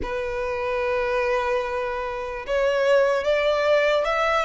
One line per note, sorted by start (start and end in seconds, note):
0.02 2.45 B4
2.46 3.24 C#5
3.24 4.04 D5
4.04 4.45 E5